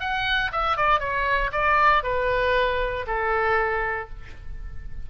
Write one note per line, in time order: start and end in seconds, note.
0.00 0.51 F#5
0.52 0.77 E5
0.77 1.00 D5
1.00 1.51 C#5
1.52 2.03 D5
2.03 3.06 B4
3.07 4.10 A4